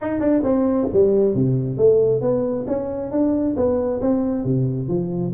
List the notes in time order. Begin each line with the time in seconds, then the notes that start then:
0.01 D#4
0.20 D4
0.43 C4
0.92 G3
1.34 C3
1.77 A3
2.21 B3
2.67 C#4
3.11 D4
3.56 B3
4.01 C4
4.44 C3
4.88 F3